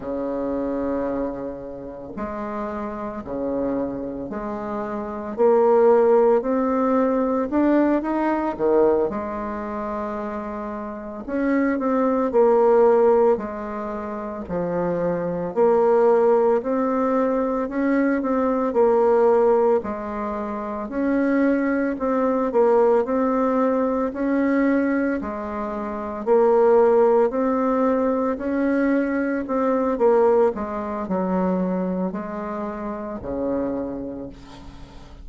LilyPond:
\new Staff \with { instrumentName = "bassoon" } { \time 4/4 \tempo 4 = 56 cis2 gis4 cis4 | gis4 ais4 c'4 d'8 dis'8 | dis8 gis2 cis'8 c'8 ais8~ | ais8 gis4 f4 ais4 c'8~ |
c'8 cis'8 c'8 ais4 gis4 cis'8~ | cis'8 c'8 ais8 c'4 cis'4 gis8~ | gis8 ais4 c'4 cis'4 c'8 | ais8 gis8 fis4 gis4 cis4 | }